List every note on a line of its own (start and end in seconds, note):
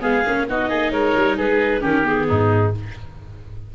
0.00 0.25 G#3
0.00 0.23 B3
0.00 0.46 G#4
0.00 0.47 F5
0.26 0.49 A#3
0.26 0.48 C#4
0.49 0.70 B3
0.49 1.80 D#4
0.49 0.69 F#4
0.49 0.91 D#5
0.69 0.91 A#3
0.69 0.91 G#4
0.91 1.14 G#3
0.91 1.37 A#4
0.91 1.36 C#5
1.15 1.38 G3
1.37 1.82 G#3
1.37 1.81 G#4
1.37 1.83 B4
1.80 2.27 D#3
1.80 2.03 C#4
1.80 2.26 G4
1.80 2.06 A#4
2.03 2.71 B3
2.03 2.74 G#4
2.28 2.75 G#2
2.28 2.73 D#4